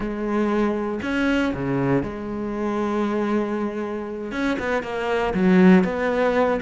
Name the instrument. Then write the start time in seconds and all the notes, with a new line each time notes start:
cello
0.00 G#3
1.02 C#4
1.54 C#3
2.02 G#3
4.31 C#4
4.59 B3
4.83 A#3
5.34 F#3
5.84 B3